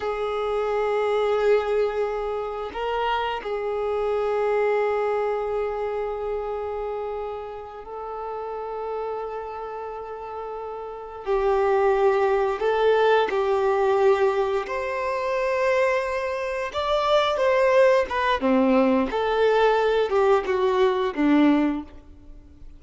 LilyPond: \new Staff \with { instrumentName = "violin" } { \time 4/4 \tempo 4 = 88 gis'1 | ais'4 gis'2.~ | gis'2.~ gis'8 a'8~ | a'1~ |
a'8 g'2 a'4 g'8~ | g'4. c''2~ c''8~ | c''8 d''4 c''4 b'8 c'4 | a'4. g'8 fis'4 d'4 | }